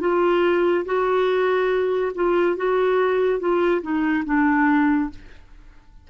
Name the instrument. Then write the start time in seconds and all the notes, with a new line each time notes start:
clarinet
0.00 F4
0.85 F#4
2.15 F4
2.56 F#4
3.40 F4
3.82 D#4
4.25 D4